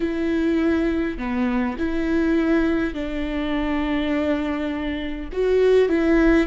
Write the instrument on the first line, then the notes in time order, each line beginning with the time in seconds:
viola
0.00 E4
1.17 B3
1.78 E4
2.94 D4
5.32 F#4
5.88 E4